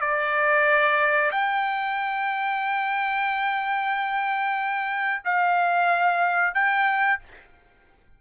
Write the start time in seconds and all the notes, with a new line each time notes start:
0.00 D5
1.31 G5
5.24 F5
6.54 G5